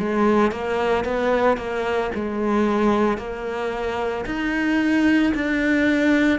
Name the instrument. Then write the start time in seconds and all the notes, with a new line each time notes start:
cello
0.00 G#3
0.52 A#3
1.05 B3
1.58 A#3
2.15 G#3
3.18 A#3
4.26 D#4
5.35 D4